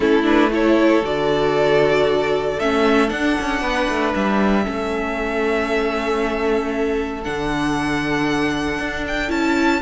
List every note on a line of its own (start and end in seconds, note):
0.00 1.02 A3
0.00 0.23 C#4
0.00 0.51 E4
0.00 0.25 A4
0.23 0.49 D4
0.23 0.52 B4
0.51 1.02 E4
0.51 3.61 A4
0.51 1.05 C#5
1.02 2.57 D3
1.02 2.58 F#4
1.02 2.59 D5
2.59 3.10 A3
2.59 3.07 C#4
2.59 3.09 E5
3.07 4.62 D4
3.07 3.36 D4
3.07 4.12 F#5
3.40 3.61 C#4
3.61 3.87 B3
3.61 4.63 B4
3.88 4.14 A3
4.14 4.66 G3
4.14 7.23 E5
4.63 7.26 A3
4.63 7.22 C#4
4.63 9.80 A4
7.23 8.78 D3
7.23 9.28 D4
7.23 9.04 F#5
8.78 9.30 D4
9.07 9.30 G5
9.28 9.81 C#4
9.28 9.80 E4
9.28 9.81 A5